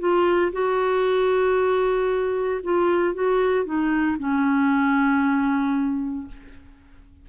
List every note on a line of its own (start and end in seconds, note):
0.00 0.52 F4
0.53 2.62 F#4
2.64 3.14 F4
3.14 3.65 F#4
3.65 4.18 D#4
4.19 6.28 C#4